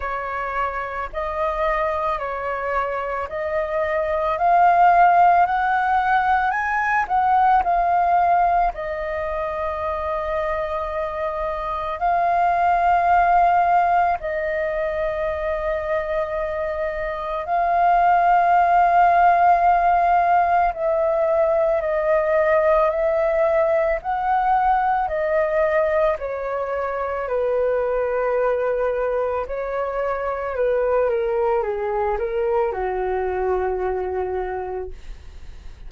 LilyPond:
\new Staff \with { instrumentName = "flute" } { \time 4/4 \tempo 4 = 55 cis''4 dis''4 cis''4 dis''4 | f''4 fis''4 gis''8 fis''8 f''4 | dis''2. f''4~ | f''4 dis''2. |
f''2. e''4 | dis''4 e''4 fis''4 dis''4 | cis''4 b'2 cis''4 | b'8 ais'8 gis'8 ais'8 fis'2 | }